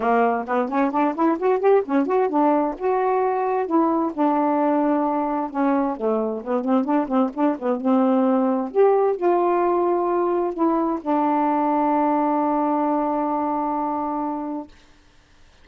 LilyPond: \new Staff \with { instrumentName = "saxophone" } { \time 4/4 \tempo 4 = 131 ais4 b8 cis'8 d'8 e'8 fis'8 g'8 | cis'8 fis'8 d'4 fis'2 | e'4 d'2. | cis'4 a4 b8 c'8 d'8 c'8 |
d'8 b8 c'2 g'4 | f'2. e'4 | d'1~ | d'1 | }